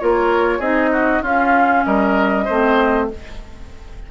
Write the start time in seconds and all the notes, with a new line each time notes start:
0.00 A#3 F4 A#4 C#5
0.59 C4 D#4 G#4 D#5
0.93 F#4
1.22 C#4 F4 F5
1.85 G3 A#4 D#5
2.45 A3 C4 C5